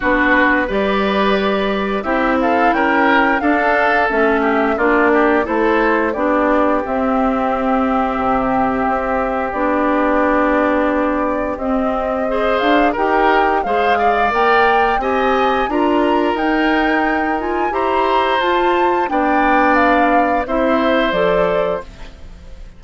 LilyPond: <<
  \new Staff \with { instrumentName = "flute" } { \time 4/4 \tempo 4 = 88 b'4 d''2 e''8 f''8 | g''4 f''4 e''4 d''4 | c''4 d''4 e''2~ | e''2 d''2~ |
d''4 dis''4. f''8 g''4 | f''4 g''4 gis''4 ais''4 | g''4. gis''8 ais''4 a''4 | g''4 f''4 e''4 d''4 | }
  \new Staff \with { instrumentName = "oboe" } { \time 4/4 fis'4 b'2 g'8 a'8 | ais'4 a'4. g'8 f'8 g'8 | a'4 g'2.~ | g'1~ |
g'2 c''4 ais'4 | c''8 d''4. dis''4 ais'4~ | ais'2 c''2 | d''2 c''2 | }
  \new Staff \with { instrumentName = "clarinet" } { \time 4/4 d'4 g'2 e'4~ | e'4 d'4 cis'4 d'4 | e'4 d'4 c'2~ | c'2 d'2~ |
d'4 c'4 gis'4 g'4 | gis'4 ais'4 g'4 f'4 | dis'4. f'8 g'4 f'4 | d'2 e'4 a'4 | }
  \new Staff \with { instrumentName = "bassoon" } { \time 4/4 b4 g2 c'4 | cis'4 d'4 a4 ais4 | a4 b4 c'2 | c4 c'4 b2~ |
b4 c'4. d'8 dis'4 | gis4 ais4 c'4 d'4 | dis'2 e'4 f'4 | b2 c'4 f4 | }
>>